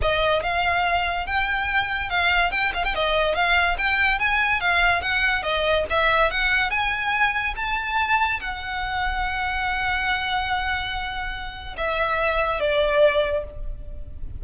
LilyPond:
\new Staff \with { instrumentName = "violin" } { \time 4/4 \tempo 4 = 143 dis''4 f''2 g''4~ | g''4 f''4 g''8 f''16 g''16 dis''4 | f''4 g''4 gis''4 f''4 | fis''4 dis''4 e''4 fis''4 |
gis''2 a''2 | fis''1~ | fis''1 | e''2 d''2 | }